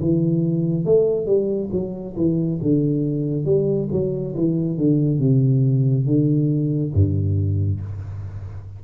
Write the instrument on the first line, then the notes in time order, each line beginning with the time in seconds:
tuba
0.00 E3
0.85 A3
1.26 G3
1.72 F#3
2.16 E3
2.62 D3
3.45 G3
3.91 F#3
4.35 E3
4.77 D3
5.19 C3
6.06 D3
6.94 G2